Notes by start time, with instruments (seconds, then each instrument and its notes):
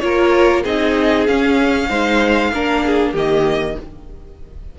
0.00 cello A#3, viola F4, violin A#4 C#5
0.64 cello C4, viola D#4, violin G#4 D#5
1.27 viola C#4, cello C#4, violin F5
1.89 cello G#3, viola D#4, violin C5
2.53 cello A#3, viola D4, violin A#4
2.86 violin G#4
3.12 cello D#3, viola A#3, violin G4 D#5